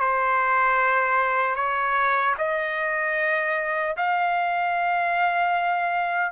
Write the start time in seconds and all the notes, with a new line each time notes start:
0.00 C5
1.55 C#5
2.38 D#5
3.96 F5